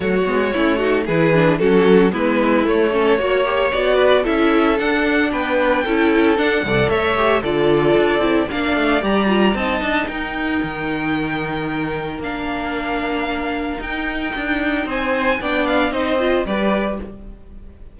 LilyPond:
<<
  \new Staff \with { instrumentName = "violin" } { \time 4/4 \tempo 4 = 113 cis''2 b'4 a'4 | b'4 cis''2 d''4 | e''4 fis''4 g''2 | fis''4 e''4 d''2 |
f''4 ais''4 a''4 g''4~ | g''2. f''4~ | f''2 g''2 | gis''4 g''8 f''8 dis''4 d''4 | }
  \new Staff \with { instrumentName = "violin" } { \time 4/4 fis'4 e'8 fis'8 gis'4 fis'4 | e'4. a'8 cis''4. b'8 | a'2 b'4 a'4~ | a'8 d''8 cis''4 a'2 |
d''2 dis''4 ais'4~ | ais'1~ | ais'1 | c''4 d''4 c''4 b'4 | }
  \new Staff \with { instrumentName = "viola" } { \time 4/4 a8 b8 cis'8 dis'8 e'8 d'8 cis'4 | b4 a8 cis'8 fis'8 g'8 fis'4 | e'4 d'2 e'4 | d'8 a'4 g'8 f'4. e'8 |
d'4 g'8 f'8 dis'2~ | dis'2. d'4~ | d'2 dis'2~ | dis'4 d'4 dis'8 f'8 g'4 | }
  \new Staff \with { instrumentName = "cello" } { \time 4/4 fis8 gis8 a4 e4 fis4 | gis4 a4 ais4 b4 | cis'4 d'4 b4 cis'4 | d'8 c,8 a4 d4 d'8 c'8 |
ais8 a8 g4 c'8 d'8 dis'4 | dis2. ais4~ | ais2 dis'4 d'4 | c'4 b4 c'4 g4 | }
>>